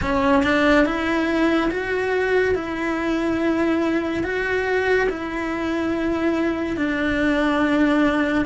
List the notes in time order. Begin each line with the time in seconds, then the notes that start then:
0.01 C#4
0.43 D4
0.85 E4
1.70 F#4
2.55 E4
4.23 F#4
5.09 E4
6.76 D4